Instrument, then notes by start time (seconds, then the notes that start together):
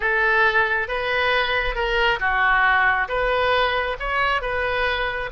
oboe
0.00 A4
0.88 B4
1.75 A#4
2.19 F#4
3.08 B4
3.99 C#5
4.41 B4